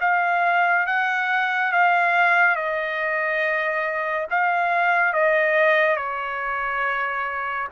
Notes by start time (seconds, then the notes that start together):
0.00 F5
0.86 F#5
1.72 F5
2.55 D#5
4.30 F5
5.13 D#5
5.96 C#5